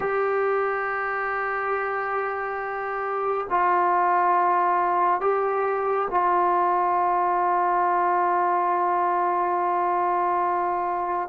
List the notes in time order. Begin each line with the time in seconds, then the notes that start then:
0.00 G4
3.49 F4
5.21 G4
6.10 F4